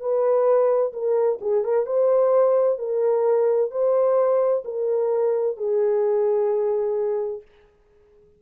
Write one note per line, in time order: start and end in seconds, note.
0.00 0.92 B4
0.93 1.39 A#4
1.41 1.64 G#4
1.64 1.86 A#4
1.86 2.78 C5
2.78 3.71 A#4
3.71 4.63 C5
4.64 5.57 A#4
5.57 7.41 G#4